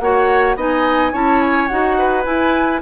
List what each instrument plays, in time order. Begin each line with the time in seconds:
0.00 bassoon A#3, clarinet F#4, oboe C#5, flute F#5
0.56 bassoon B3, clarinet D#4, oboe D#5, flute G#5
1.13 bassoon C#4, clarinet E4, oboe C#5, flute A5
1.42 flute G#5
1.67 bassoon D#4, clarinet F#4, flute F#5
1.98 oboe B4
2.24 clarinet E4, bassoon E4, flute G#5